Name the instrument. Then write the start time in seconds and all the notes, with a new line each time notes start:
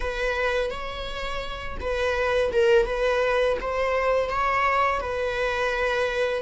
viola
0.00 B4
0.70 C#5
1.80 B4
2.52 A#4
2.86 B4
3.61 C5
4.29 C#5
5.00 B4